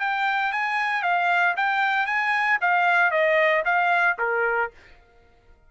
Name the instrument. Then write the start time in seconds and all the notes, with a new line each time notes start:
trumpet
0.00 G5
0.52 G#5
1.03 F5
1.57 G5
2.06 G#5
2.61 F5
3.11 D#5
3.65 F5
4.19 A#4